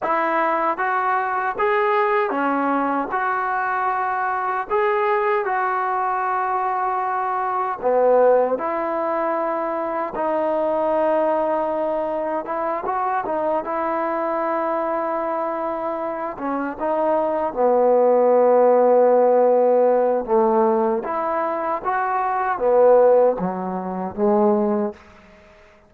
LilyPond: \new Staff \with { instrumentName = "trombone" } { \time 4/4 \tempo 4 = 77 e'4 fis'4 gis'4 cis'4 | fis'2 gis'4 fis'4~ | fis'2 b4 e'4~ | e'4 dis'2. |
e'8 fis'8 dis'8 e'2~ e'8~ | e'4 cis'8 dis'4 b4.~ | b2 a4 e'4 | fis'4 b4 fis4 gis4 | }